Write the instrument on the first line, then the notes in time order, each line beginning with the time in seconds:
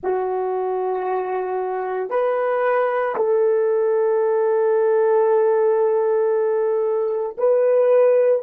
horn
0.03 F#4
2.10 B4
3.15 A4
7.37 B4